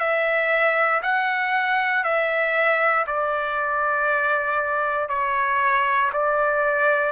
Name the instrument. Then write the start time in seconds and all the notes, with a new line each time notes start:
trumpet
0.00 E5
1.03 F#5
2.04 E5
3.07 D5
5.09 C#5
6.13 D5